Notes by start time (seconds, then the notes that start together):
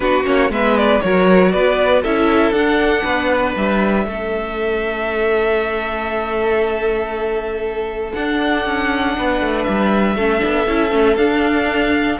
0.00 B3 D4 F#4 B4
0.24 A#3 C#4 C#5
0.49 G#3 B3 B4 E5
0.77 D5
1.00 F#3 F#4 A#4 C#5
1.51 B3 B4 D5
2.02 C#4 E4 A4 E5
2.51 D4 F#5
3.03 B3 B4
3.56 G3 E5
4.06 A3 C#4 A4
8.12 D4 F#5
8.66 C#4
9.17 B3 B4
9.41 A3
9.64 G3 E5
10.15 A3 C#4 A4
10.39 B3 D4
10.67 C#4 E4
10.90 A3 C#4
11.16 D4 F5